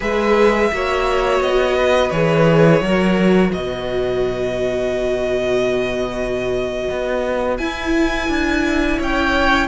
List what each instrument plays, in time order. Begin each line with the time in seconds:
0.00 cello G#3, viola G#4, violin B4 E5
0.72 cello A#3, viola F#4, violin C#5
1.40 cello B3, violin D#5
1.77 violin B4
2.10 cello E3, viola G#4, violin C#5
2.80 cello F#3, viola F#4, violin A#4
3.52 cello B2, violin B4 D#5
6.90 cello B3
7.57 cello E4, viola E4, violin G#5
8.28 cello D4
8.97 cello C#4, violin C#5 G5